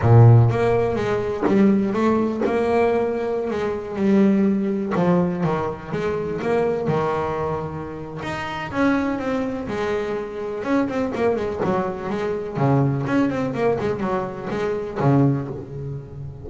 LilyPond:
\new Staff \with { instrumentName = "double bass" } { \time 4/4 \tempo 4 = 124 ais,4 ais4 gis4 g4 | a4 ais2~ ais16 gis8.~ | gis16 g2 f4 dis8.~ | dis16 gis4 ais4 dis4.~ dis16~ |
dis4 dis'4 cis'4 c'4 | gis2 cis'8 c'8 ais8 gis8 | fis4 gis4 cis4 cis'8 c'8 | ais8 gis8 fis4 gis4 cis4 | }